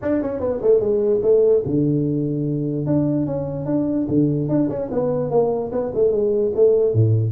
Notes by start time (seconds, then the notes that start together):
0.02 D4
0.22 C#4
0.40 B3
0.61 A3
0.80 G#3
1.22 A3
1.65 D3
2.86 D4
3.26 C#4
3.65 D4
4.08 D3
4.49 D4
4.69 C#4
4.91 B3
5.30 A#3
5.71 B3
5.94 A3
6.11 G#3
6.55 A3
6.93 A2